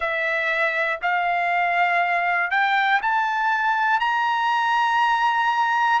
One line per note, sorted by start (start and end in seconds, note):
0.00 0.99 E5
1.02 2.50 F5
2.50 3.00 G5
3.02 4.00 A5
4.00 6.00 A#5